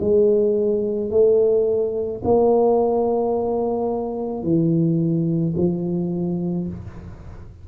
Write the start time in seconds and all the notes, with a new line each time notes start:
0.00 G#3
1.11 A3
2.24 A#3
4.42 E3
5.57 F3